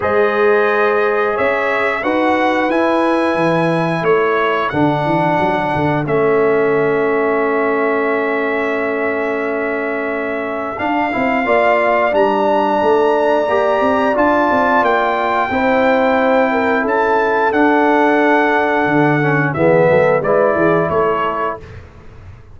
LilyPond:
<<
  \new Staff \with { instrumentName = "trumpet" } { \time 4/4 \tempo 4 = 89 dis''2 e''4 fis''4 | gis''2 cis''4 fis''4~ | fis''4 e''2.~ | e''1 |
f''2 ais''2~ | ais''4 a''4 g''2~ | g''4 a''4 fis''2~ | fis''4 e''4 d''4 cis''4 | }
  \new Staff \with { instrumentName = "horn" } { \time 4/4 c''2 cis''4 b'4~ | b'2 a'2~ | a'1~ | a'1~ |
a'4 d''2.~ | d''2. c''4~ | c''8 ais'8 a'2.~ | a'4 gis'8 a'8 b'8 gis'8 a'4 | }
  \new Staff \with { instrumentName = "trombone" } { \time 4/4 gis'2. fis'4 | e'2. d'4~ | d'4 cis'2.~ | cis'1 |
d'8 e'8 f'4 d'2 | g'4 f'2 e'4~ | e'2 d'2~ | d'8 cis'8 b4 e'2 | }
  \new Staff \with { instrumentName = "tuba" } { \time 4/4 gis2 cis'4 dis'4 | e'4 e4 a4 d8 e8 | fis8 d8 a2.~ | a1 |
d'8 c'8 ais4 g4 a4 | ais8 c'8 d'8 c'8 ais4 c'4~ | c'4 cis'4 d'2 | d4 e8 fis8 gis8 e8 a4 | }
>>